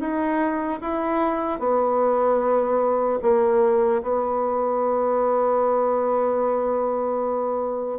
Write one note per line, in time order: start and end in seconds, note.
0.00 0.80 D#4
0.81 1.59 E4
1.59 3.19 B3
3.22 4.02 A#3
4.03 7.99 B3